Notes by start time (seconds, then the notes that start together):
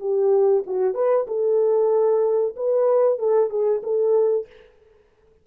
0.00 G4
0.66 F#4
0.94 B4
1.27 A4
2.56 B4
3.19 A4
3.50 G#4
3.83 A4